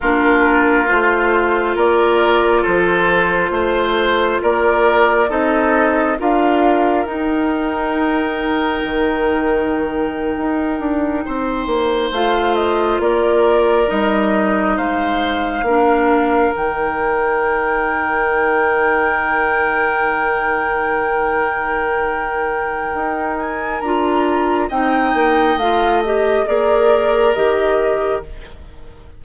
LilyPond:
<<
  \new Staff \with { instrumentName = "flute" } { \time 4/4 \tempo 4 = 68 ais'4 c''4 d''4 c''4~ | c''4 d''4 dis''4 f''4 | g''1~ | g''4.~ g''16 f''8 dis''8 d''4 dis''16~ |
dis''8. f''2 g''4~ g''16~ | g''1~ | g''2~ g''8 gis''8 ais''4 | g''4 f''8 dis''8 d''4 dis''4 | }
  \new Staff \with { instrumentName = "oboe" } { \time 4/4 f'2 ais'4 a'4 | c''4 ais'4 a'4 ais'4~ | ais'1~ | ais'8. c''2 ais'4~ ais'16~ |
ais'8. c''4 ais'2~ ais'16~ | ais'1~ | ais'1 | dis''2 ais'2 | }
  \new Staff \with { instrumentName = "clarinet" } { \time 4/4 d'4 f'2.~ | f'2 dis'4 f'4 | dis'1~ | dis'4.~ dis'16 f'2 dis'16~ |
dis'4.~ dis'16 d'4 dis'4~ dis'16~ | dis'1~ | dis'2. f'4 | dis'4 f'8 g'8 gis'4 g'4 | }
  \new Staff \with { instrumentName = "bassoon" } { \time 4/4 ais4 a4 ais4 f4 | a4 ais4 c'4 d'4 | dis'2 dis4.~ dis16 dis'16~ | dis'16 d'8 c'8 ais8 a4 ais4 g16~ |
g8. gis4 ais4 dis4~ dis16~ | dis1~ | dis2 dis'4 d'4 | c'8 ais8 a4 ais4 dis4 | }
>>